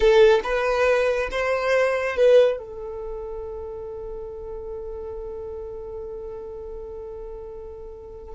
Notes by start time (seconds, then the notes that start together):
0.00 A4
0.43 B4
1.31 C5
2.16 B4
2.58 A4